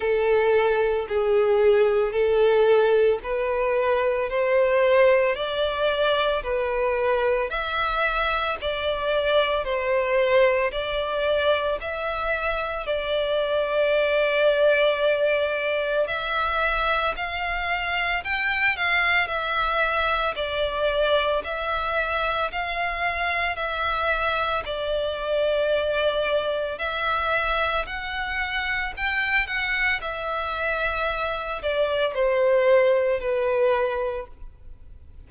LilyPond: \new Staff \with { instrumentName = "violin" } { \time 4/4 \tempo 4 = 56 a'4 gis'4 a'4 b'4 | c''4 d''4 b'4 e''4 | d''4 c''4 d''4 e''4 | d''2. e''4 |
f''4 g''8 f''8 e''4 d''4 | e''4 f''4 e''4 d''4~ | d''4 e''4 fis''4 g''8 fis''8 | e''4. d''8 c''4 b'4 | }